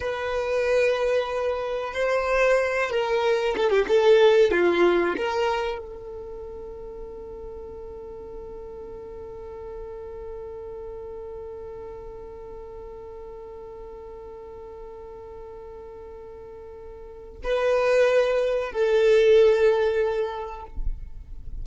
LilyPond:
\new Staff \with { instrumentName = "violin" } { \time 4/4 \tempo 4 = 93 b'2. c''4~ | c''8 ais'4 a'16 g'16 a'4 f'4 | ais'4 a'2.~ | a'1~ |
a'1~ | a'1~ | a'2. b'4~ | b'4 a'2. | }